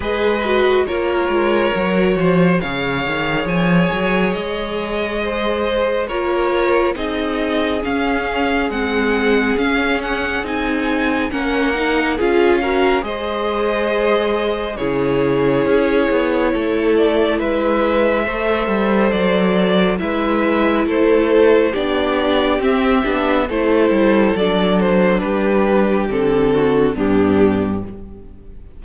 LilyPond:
<<
  \new Staff \with { instrumentName = "violin" } { \time 4/4 \tempo 4 = 69 dis''4 cis''2 f''4 | gis''4 dis''2 cis''4 | dis''4 f''4 fis''4 f''8 fis''8 | gis''4 fis''4 f''4 dis''4~ |
dis''4 cis''2~ cis''8 d''8 | e''2 d''4 e''4 | c''4 d''4 e''4 c''4 | d''8 c''8 b'4 a'4 g'4 | }
  \new Staff \with { instrumentName = "violin" } { \time 4/4 b'4 ais'4. c''8 cis''4~ | cis''2 c''4 ais'4 | gis'1~ | gis'4 ais'4 gis'8 ais'8 c''4~ |
c''4 gis'2 a'4 | b'4 c''2 b'4 | a'4 g'2 a'4~ | a'4 g'4. fis'8 d'4 | }
  \new Staff \with { instrumentName = "viola" } { \time 4/4 gis'8 fis'8 f'4 fis'4 gis'4~ | gis'2. f'4 | dis'4 cis'4 c'4 cis'4 | dis'4 cis'8 dis'8 f'8 fis'8 gis'4~ |
gis'4 e'2.~ | e'4 a'2 e'4~ | e'4 d'4 c'8 d'8 e'4 | d'2 c'4 b4 | }
  \new Staff \with { instrumentName = "cello" } { \time 4/4 gis4 ais8 gis8 fis8 f8 cis8 dis8 | f8 fis8 gis2 ais4 | c'4 cis'4 gis4 cis'4 | c'4 ais4 cis'4 gis4~ |
gis4 cis4 cis'8 b8 a4 | gis4 a8 g8 fis4 gis4 | a4 b4 c'8 b8 a8 g8 | fis4 g4 d4 g,4 | }
>>